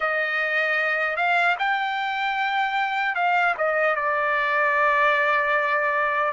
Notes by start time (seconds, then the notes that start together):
0.00 D#5
1.16 F5
1.58 G5
3.15 F5
3.57 D#5
3.95 D5